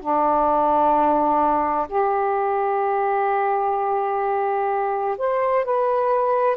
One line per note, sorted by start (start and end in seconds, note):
0.00 1.87 D4
1.89 5.17 G4
5.18 5.65 C5
5.65 6.57 B4